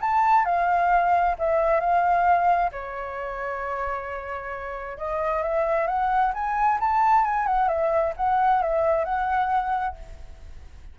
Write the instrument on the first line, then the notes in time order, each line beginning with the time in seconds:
flute
0.00 A5
0.44 F5
1.38 E5
1.80 F5
2.71 C#5
4.98 D#5
5.42 E5
5.87 F#5
6.33 G#5
6.80 A5
7.24 G#5
7.46 F#5
7.68 E5
8.16 F#5
8.62 E5
9.04 F#5